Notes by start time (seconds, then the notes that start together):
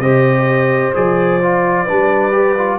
0.00 C3 G4 C5 D#5
0.95 F3 G#4 D5
1.43 F4
1.85 G3 D4 B4
2.32 G4
2.58 F4